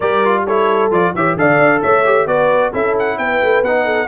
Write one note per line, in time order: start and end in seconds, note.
0.00 0.91 G3
0.00 0.24 G4
0.00 0.44 A#4
0.00 0.43 D5
0.24 0.47 F4
0.46 0.91 E4
0.46 1.14 A4
0.46 0.91 C#5
0.91 1.13 F3
0.91 1.13 F4
0.91 1.15 D5
1.15 1.36 E3
1.15 1.37 G4
1.15 1.37 C#5
1.15 1.38 E5
1.36 1.58 D3
1.36 2.04 A4
1.36 1.81 D5
1.36 1.81 F5
1.58 1.81 D4
1.81 2.26 A3
1.81 2.27 C#5
1.81 2.27 E5
2.04 2.27 G4
2.26 2.71 B3
2.26 2.73 F#4
2.26 2.72 B4
2.26 2.72 D5
2.72 3.18 C#4
2.72 3.63 E4
2.72 3.17 A4
2.72 2.96 E5
2.98 3.18 F#5
3.18 3.41 B3
3.18 3.84 B4
3.18 3.63 G5
3.43 3.62 A3
3.62 4.07 B3
3.62 4.07 D#4
3.62 4.07 F#5
3.84 4.07 A4